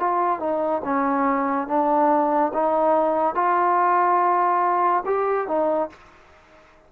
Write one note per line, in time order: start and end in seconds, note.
0.00 0.40 F4
0.40 0.82 D#4
0.85 1.68 C#4
1.68 2.53 D4
2.54 3.35 D#4
3.35 5.04 F4
5.06 5.48 G4
5.48 5.90 D#4